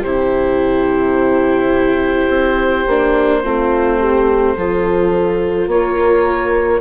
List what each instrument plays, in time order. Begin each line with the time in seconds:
0.00 bassoon C3, viola E4, horn G4, oboe C5
2.28 bassoon C4
2.87 bassoon A#3, viola D4
3.43 bassoon A3, viola C4, horn F4
3.99 horn G4
4.56 bassoon F3, viola F4, horn A4
5.67 bassoon A#3, horn A#4, oboe C#5